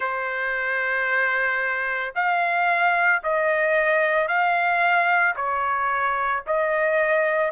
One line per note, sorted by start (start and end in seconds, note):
0.00 2.13 C5
2.15 3.22 F5
3.23 4.28 D#5
4.28 5.35 F5
5.36 6.43 C#5
6.46 7.51 D#5